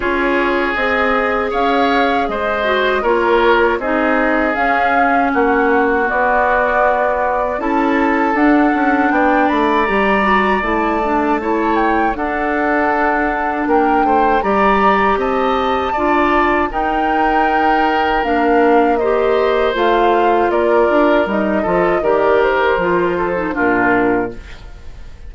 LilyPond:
<<
  \new Staff \with { instrumentName = "flute" } { \time 4/4 \tempo 4 = 79 cis''4 dis''4 f''4 dis''4 | cis''4 dis''4 f''4 fis''4 | d''2 a''4 fis''4 | g''8 b''8 ais''4 a''4. g''8 |
fis''2 g''4 ais''4 | a''2 g''2 | f''4 dis''4 f''4 d''4 | dis''4 d''8 c''4. ais'4 | }
  \new Staff \with { instrumentName = "oboe" } { \time 4/4 gis'2 cis''4 c''4 | ais'4 gis'2 fis'4~ | fis'2 a'2 | d''2. cis''4 |
a'2 ais'8 c''8 d''4 | dis''4 d''4 ais'2~ | ais'4 c''2 ais'4~ | ais'8 a'8 ais'4. a'8 f'4 | }
  \new Staff \with { instrumentName = "clarinet" } { \time 4/4 f'4 gis'2~ gis'8 fis'8 | f'4 dis'4 cis'2 | b2 e'4 d'4~ | d'4 g'8 fis'8 e'8 d'8 e'4 |
d'2. g'4~ | g'4 f'4 dis'2 | d'4 g'4 f'2 | dis'8 f'8 g'4 f'8. dis'16 d'4 | }
  \new Staff \with { instrumentName = "bassoon" } { \time 4/4 cis'4 c'4 cis'4 gis4 | ais4 c'4 cis'4 ais4 | b2 cis'4 d'8 cis'8 | b8 a8 g4 a2 |
d'2 ais8 a8 g4 | c'4 d'4 dis'2 | ais2 a4 ais8 d'8 | g8 f8 dis4 f4 ais,4 | }
>>